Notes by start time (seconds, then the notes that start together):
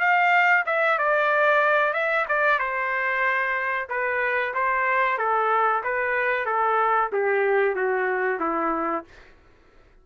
0.00 F5
0.66 E5
0.99 D5
1.94 E5
2.28 D5
2.59 C5
3.89 B4
4.54 C5
5.18 A4
5.84 B4
6.46 A4
7.13 G4
7.75 F#4
8.40 E4